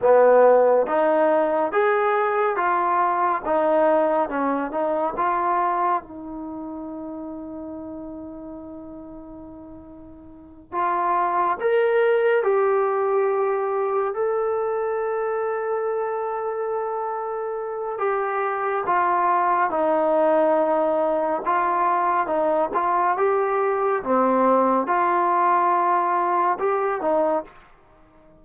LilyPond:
\new Staff \with { instrumentName = "trombone" } { \time 4/4 \tempo 4 = 70 b4 dis'4 gis'4 f'4 | dis'4 cis'8 dis'8 f'4 dis'4~ | dis'1~ | dis'8 f'4 ais'4 g'4.~ |
g'8 a'2.~ a'8~ | a'4 g'4 f'4 dis'4~ | dis'4 f'4 dis'8 f'8 g'4 | c'4 f'2 g'8 dis'8 | }